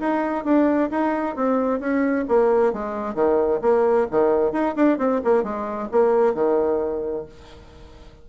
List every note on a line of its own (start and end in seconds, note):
0.00 0.45 D#4
0.45 0.90 D4
0.91 1.36 D#4
1.36 1.80 C4
1.80 2.25 C#4
2.28 2.73 A#3
2.73 3.15 G#3
3.15 3.60 D#3
3.61 4.07 A#3
4.11 4.52 D#3
4.52 4.75 D#4
4.76 4.98 D4
4.98 5.21 C4
5.24 5.43 A#3
5.43 5.89 G#3
5.92 6.35 A#3
6.35 7.25 D#3